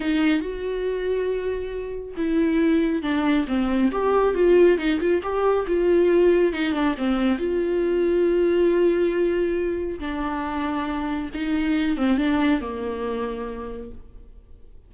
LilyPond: \new Staff \with { instrumentName = "viola" } { \time 4/4 \tempo 4 = 138 dis'4 fis'2.~ | fis'4 e'2 d'4 | c'4 g'4 f'4 dis'8 f'8 | g'4 f'2 dis'8 d'8 |
c'4 f'2.~ | f'2. d'4~ | d'2 dis'4. c'8 | d'4 ais2. | }